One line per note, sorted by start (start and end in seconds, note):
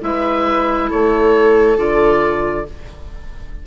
0.00 0.90 G#3
0.00 1.76 E4
0.00 0.88 B4
0.00 0.90 E5
0.88 1.77 A3
0.88 2.64 A4
0.88 1.78 C#5
1.76 2.65 D3
1.76 2.64 F4
1.76 2.66 D5